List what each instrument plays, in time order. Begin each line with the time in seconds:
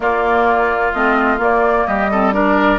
0.00 bassoon A#3, clarinet A#3, oboe F4, flute D5
0.92 bassoon A3, clarinet C4, flute D#5
1.38 clarinet A#3, bassoon A#3, flute D5
1.86 bassoon G3, oboe G4, flute D#5
2.11 clarinet C4, oboe A4
2.32 clarinet D4, oboe A#4, flute D5